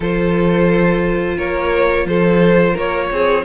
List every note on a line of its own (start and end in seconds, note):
0.00 1.37 F3
0.00 3.44 F4
0.00 1.36 A4
0.00 1.37 C5
1.37 2.05 A#3
1.37 2.06 A#4
1.37 2.06 C#5
2.05 2.74 F3
2.05 2.73 A4
2.05 2.76 C5
2.73 3.10 A#3
2.73 3.07 A#4
2.73 3.44 C#5
3.11 3.44 C4
3.11 3.44 G#4